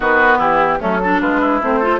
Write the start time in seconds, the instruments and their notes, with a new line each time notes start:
0.00 bassoon D#3, clarinet B3, oboe F#4, flute B4
0.38 bassoon E3, oboe E4, flute G4
0.79 bassoon F#3, clarinet A3, oboe C#4, flute A4
1.03 clarinet D4, oboe A4
1.20 bassoon G#3, oboe F4, flute B4
1.40 oboe E4
1.61 bassoon A3, clarinet C4, flute C5
1.79 clarinet F4, oboe A4